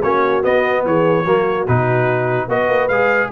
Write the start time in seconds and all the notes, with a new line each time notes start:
0.00 A#3 C#4 F#4 C#5
0.43 B3 D#5
0.85 E3 G#4 C#5
1.24 F#3 A#3 F#4
1.67 B2 D#4 B4
2.48 B3 F#4 B4 D#5
2.68 A#3
2.88 G#3 G#4 F5